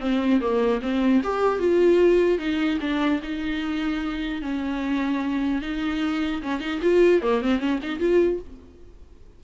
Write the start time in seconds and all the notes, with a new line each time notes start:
0.00 C4
0.40 A#3
0.81 C4
1.23 G4
1.59 F4
2.38 D#4
2.80 D4
3.22 D#4
4.42 C#4
5.62 D#4
6.42 C#4
6.60 D#4
6.82 F4
7.21 A#3
7.42 C4
7.59 C#4
7.82 D#4
7.99 F4